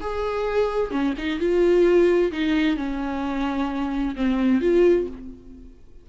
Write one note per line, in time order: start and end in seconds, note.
0.00 0.90 G#4
0.90 1.13 C#4
1.17 1.39 D#4
1.39 2.31 F4
2.31 2.76 D#4
2.76 4.15 C#4
4.15 4.60 C4
4.60 5.07 F4